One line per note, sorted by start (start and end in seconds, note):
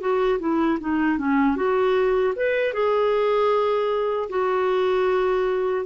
0.00 0.39 F#4
0.40 0.79 E4
0.80 1.18 D#4
1.18 1.56 C#4
1.56 2.34 F#4
2.36 2.73 B4
2.73 4.29 G#4
4.30 5.85 F#4